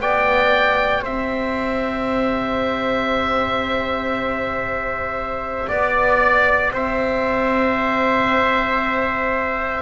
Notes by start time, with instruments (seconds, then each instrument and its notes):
0.00 double bass B3, horn G4, trumpet D5, oboe G5
1.03 double bass C4, trumpet C5, oboe E5
5.68 double bass B3, trumpet D5, oboe D5
6.71 double bass C4, trumpet C5, oboe E5